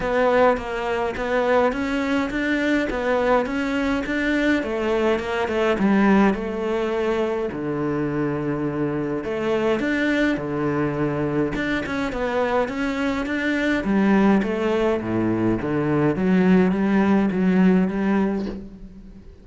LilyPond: \new Staff \with { instrumentName = "cello" } { \time 4/4 \tempo 4 = 104 b4 ais4 b4 cis'4 | d'4 b4 cis'4 d'4 | a4 ais8 a8 g4 a4~ | a4 d2. |
a4 d'4 d2 | d'8 cis'8 b4 cis'4 d'4 | g4 a4 a,4 d4 | fis4 g4 fis4 g4 | }